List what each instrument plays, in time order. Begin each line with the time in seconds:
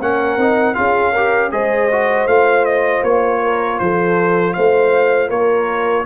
0.00 tuba A#3, trombone C#4, horn A#4, trumpet F#5
0.37 tuba C4, trombone D#4
0.75 tuba C#4, trombone F4, horn G#4, trumpet F5
1.13 trombone G4, horn A#4
1.52 tuba G#3, trombone G#4, horn C5, trumpet D#5
1.92 trombone F#4
2.27 tuba A3, trombone F4, trumpet F5
2.66 trumpet D#5
3.03 tuba A#3, trumpet C#5
3.43 horn A#4
3.80 tuba F3, horn A4, trumpet C5
4.54 tuba A3, horn C5, trumpet F5
5.29 tuba A#3, horn A#4, trumpet C#5